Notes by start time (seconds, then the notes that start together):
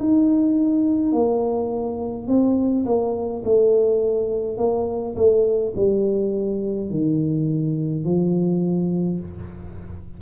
0.00 D#4
1.12 A#3
2.28 C4
2.85 A#3
3.45 A3
4.58 A#3
5.16 A3
5.76 G3
6.90 D#3
8.05 F3